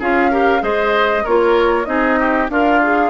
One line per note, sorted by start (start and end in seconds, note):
0.00 0.63 C#4
0.00 0.32 F4
0.00 0.31 G#4
0.00 0.64 F5
0.31 0.61 G4
0.31 0.62 A#4
0.61 1.25 G#3
0.61 1.23 G#4
0.61 1.24 C5
0.61 1.26 D#5
1.24 1.87 A#3
1.24 1.86 F4
1.24 1.87 A#4
1.24 1.86 C#5
1.86 2.49 C4
1.86 2.48 D#4
1.86 2.20 G#4
1.86 2.48 D#5
2.20 2.51 G4
2.49 3.11 D4
2.49 3.11 F4
2.49 2.83 A#4
2.49 3.11 F5
2.83 3.11 G#4